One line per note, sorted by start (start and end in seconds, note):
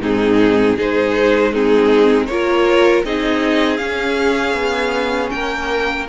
0.00 0.76 G#2
0.00 0.77 C4
0.00 0.76 D#4
0.00 0.79 G#4
0.76 2.27 G#3
0.76 1.53 D#4
0.76 1.52 G#4
0.76 1.53 C5
1.53 2.29 C4
1.53 2.29 D#4
1.53 2.26 G#4
2.26 3.03 A#3
2.26 3.05 F4
2.26 3.02 C#5
2.32 3.05 A#4
3.03 3.79 C4
3.03 3.78 D#4
3.03 5.33 G#4
3.03 3.77 D#5
3.77 6.06 C#4
3.77 4.54 C#4
3.77 5.29 F5
4.54 5.30 B3
5.31 6.09 A#3
5.31 6.09 A#4
5.31 6.06 G5